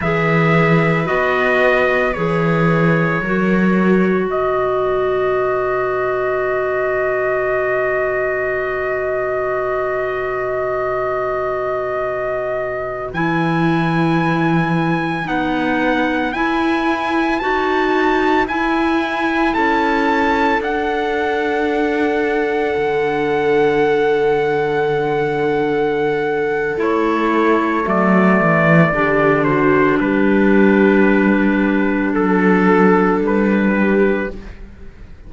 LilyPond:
<<
  \new Staff \with { instrumentName = "trumpet" } { \time 4/4 \tempo 4 = 56 e''4 dis''4 cis''2 | dis''1~ | dis''1~ | dis''16 gis''2 fis''4 gis''8.~ |
gis''16 a''4 gis''4 a''4 fis''8.~ | fis''1~ | fis''4 cis''4 d''4. c''8 | b'2 a'4 b'4 | }
  \new Staff \with { instrumentName = "viola" } { \time 4/4 b'2. ais'4 | b'1~ | b'1~ | b'1~ |
b'2~ b'16 a'4.~ a'16~ | a'1~ | a'2. g'8 fis'8 | g'2 a'4. g'8 | }
  \new Staff \with { instrumentName = "clarinet" } { \time 4/4 gis'4 fis'4 gis'4 fis'4~ | fis'1~ | fis'1~ | fis'16 e'2 dis'4 e'8.~ |
e'16 fis'4 e'2 d'8.~ | d'1~ | d'4 e'4 a4 d'4~ | d'1 | }
  \new Staff \with { instrumentName = "cello" } { \time 4/4 e4 b4 e4 fis4 | b,1~ | b,1~ | b,16 e2 b4 e'8.~ |
e'16 dis'4 e'4 cis'4 d'8.~ | d'4~ d'16 d2~ d8.~ | d4 a4 fis8 e8 d4 | g2 fis4 g4 | }
>>